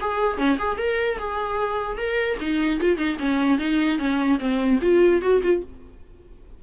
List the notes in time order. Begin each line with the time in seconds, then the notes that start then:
0.00 G#4
0.37 C#4
0.58 G#4
0.78 A#4
1.18 G#4
1.97 A#4
2.40 D#4
2.80 F4
2.97 D#4
3.19 C#4
3.58 D#4
3.98 C#4
4.39 C4
4.81 F4
5.21 F#4
5.42 F4